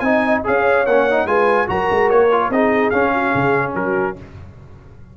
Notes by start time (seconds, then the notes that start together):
0.00 C4 D#4 D#5 G#5
0.44 C#4 G#4 C#5 F5
0.87 A#3 C#4 F#5
1.11 D#4
1.26 G#3 F4 B4 G#5
1.67 F#3 F#4 A#4 A#5
1.91 G#3
2.11 A#3 C#5
2.32 F4
2.50 C4 D#4 G#4 D#5
2.90 C#4 F5
3.14 F#4
3.31 C#3 G#4
3.75 F#3 F#4 A#4